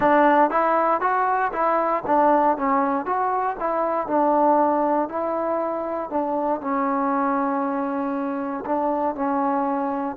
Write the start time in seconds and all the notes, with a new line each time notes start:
0.00 D4
0.50 E4
1.00 F#4
1.52 E4
2.06 D4
2.57 C#4
3.05 F#4
3.59 E4
4.07 D4
5.08 E4
6.09 D4
6.61 C#4
8.65 D4
9.15 C#4